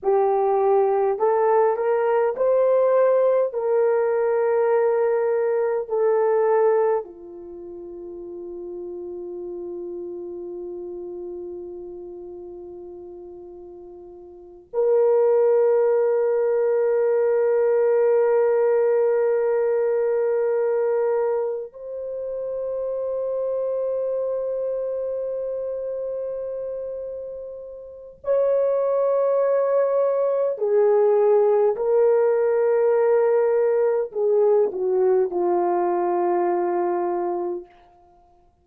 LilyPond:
\new Staff \with { instrumentName = "horn" } { \time 4/4 \tempo 4 = 51 g'4 a'8 ais'8 c''4 ais'4~ | ais'4 a'4 f'2~ | f'1~ | f'8 ais'2.~ ais'8~ |
ais'2~ ais'8 c''4.~ | c''1 | cis''2 gis'4 ais'4~ | ais'4 gis'8 fis'8 f'2 | }